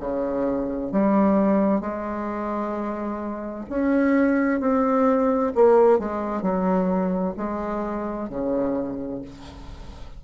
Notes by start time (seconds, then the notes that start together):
0.00 C#3
0.92 G3
1.80 G#3
3.70 C#4
4.60 C4
5.55 A#3
5.99 G#3
6.42 F#3
7.37 G#3
8.30 C#3